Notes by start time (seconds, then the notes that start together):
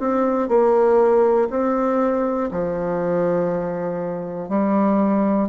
0.00 C4
0.49 A#3
1.50 C4
2.51 F3
4.49 G3